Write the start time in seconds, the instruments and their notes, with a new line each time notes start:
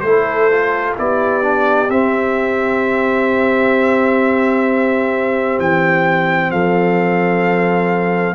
0.00 tuba A3, trombone E4, trumpet C5
0.06 horn A4
0.51 trombone F4
0.97 tuba B3, trombone E4, horn G4, trumpet D5
1.42 trombone D4
1.89 tuba C4, trombone C4, trumpet E5
5.59 tuba E3, trumpet G5
6.51 tuba F3, horn A4, trumpet F5